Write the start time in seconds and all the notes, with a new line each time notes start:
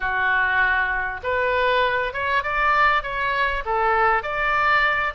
0.00 F#4
1.23 B4
2.13 C#5
2.43 D5
3.02 C#5
3.65 A4
4.22 D5